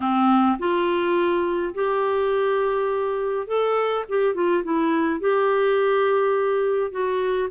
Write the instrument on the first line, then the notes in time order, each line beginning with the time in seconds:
clarinet
0.00 C4
0.58 F4
1.74 G4
3.47 A4
4.08 G4
4.34 F4
4.63 E4
5.20 G4
6.91 F#4